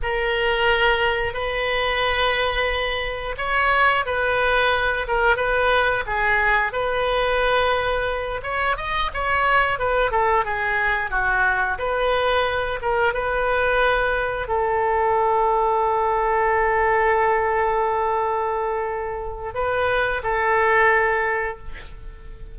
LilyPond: \new Staff \with { instrumentName = "oboe" } { \time 4/4 \tempo 4 = 89 ais'2 b'2~ | b'4 cis''4 b'4. ais'8 | b'4 gis'4 b'2~ | b'8 cis''8 dis''8 cis''4 b'8 a'8 gis'8~ |
gis'8 fis'4 b'4. ais'8 b'8~ | b'4. a'2~ a'8~ | a'1~ | a'4 b'4 a'2 | }